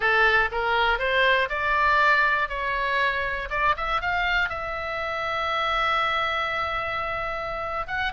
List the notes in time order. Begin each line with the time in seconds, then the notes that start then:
0.00 A4
0.51 A#4
0.98 C5
1.49 D5
2.48 C#5
3.50 D5
3.77 E5
4.01 F5
4.49 E5
7.87 F#5